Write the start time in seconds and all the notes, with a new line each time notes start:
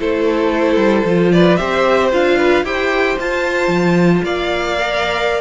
0.00 A3 E4 A4 C5
0.76 G3
1.05 F3 F4
1.32 B4 D5
1.56 C4 G4 C5 E5
2.12 D4 F4 F5
2.38 B4
2.63 E4 G4 C5 G5
3.19 F4 A5
3.68 F3
4.24 A#3 D5 F5
4.78 A#4